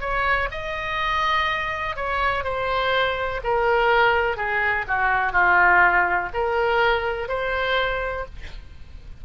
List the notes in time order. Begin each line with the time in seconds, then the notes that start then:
0.00 C#5
0.51 D#5
1.96 C#5
2.44 C5
3.43 A#4
4.36 G#4
4.87 F#4
5.32 F4
6.33 A#4
7.28 C5